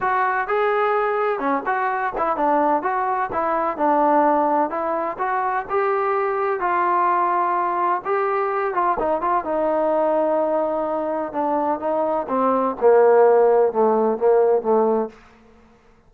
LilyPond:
\new Staff \with { instrumentName = "trombone" } { \time 4/4 \tempo 4 = 127 fis'4 gis'2 cis'8 fis'8~ | fis'8 e'8 d'4 fis'4 e'4 | d'2 e'4 fis'4 | g'2 f'2~ |
f'4 g'4. f'8 dis'8 f'8 | dis'1 | d'4 dis'4 c'4 ais4~ | ais4 a4 ais4 a4 | }